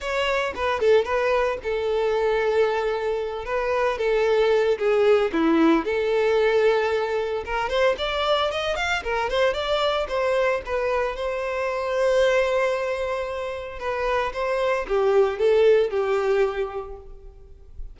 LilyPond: \new Staff \with { instrumentName = "violin" } { \time 4/4 \tempo 4 = 113 cis''4 b'8 a'8 b'4 a'4~ | a'2~ a'8 b'4 a'8~ | a'4 gis'4 e'4 a'4~ | a'2 ais'8 c''8 d''4 |
dis''8 f''8 ais'8 c''8 d''4 c''4 | b'4 c''2.~ | c''2 b'4 c''4 | g'4 a'4 g'2 | }